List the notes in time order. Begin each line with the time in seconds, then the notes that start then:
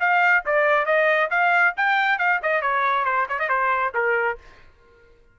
0.00 F5
0.46 D5
0.86 D#5
1.31 F5
1.77 G5
2.19 F5
2.42 D#5
2.62 C#5
3.05 C5
3.29 C#5
3.39 D#5
3.49 C5
3.94 A#4